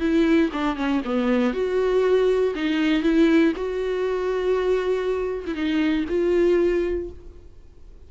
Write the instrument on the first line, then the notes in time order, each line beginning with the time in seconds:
viola
0.00 E4
0.52 D4
0.76 C#4
1.05 B3
1.53 F#4
2.55 D#4
3.03 E4
3.56 F#4
5.46 E4
5.55 D#4
6.09 F4